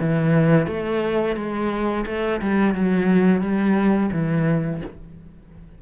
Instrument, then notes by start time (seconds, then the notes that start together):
cello
0.00 E3
0.67 A3
1.36 G#3
2.06 A3
2.41 G3
2.75 F#3
3.41 G3
4.13 E3